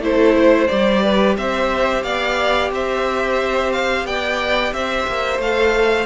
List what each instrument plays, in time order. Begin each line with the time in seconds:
0.00 cello A3, viola E4, violin A4 C5
0.36 violin C5
0.68 cello G3, viola G4, violin D5
1.03 violin B4
1.37 cello C4, violin C5 E5
2.03 cello B3, violin D5 F5
2.71 cello C4, violin C5 E5
3.73 violin F5
4.05 cello B3, violin D5 G5
4.73 cello C4, violin C5 E5
5.08 cello A#3
5.39 cello A3, viola A4, violin F5